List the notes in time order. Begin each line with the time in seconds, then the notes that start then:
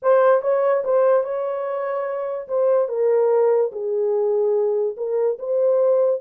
0.02 C5
0.41 C#5
0.84 C5
1.23 C#5
2.48 C5
2.88 A#4
3.71 G#4
4.96 A#4
5.38 C5